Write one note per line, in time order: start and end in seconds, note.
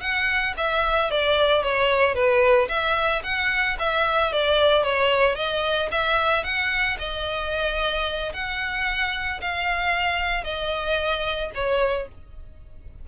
0.00 0.54 F#5
0.56 1.10 E5
1.10 1.63 D5
1.63 2.14 C#5
2.14 2.68 B4
2.68 3.22 E5
3.23 3.77 F#5
3.79 4.32 E5
4.32 4.83 D5
4.83 5.35 C#5
5.35 5.89 D#5
5.91 6.44 E5
6.44 6.97 F#5
6.98 8.32 D#5
8.33 9.40 F#5
9.41 10.44 F5
10.44 11.51 D#5
11.54 12.08 C#5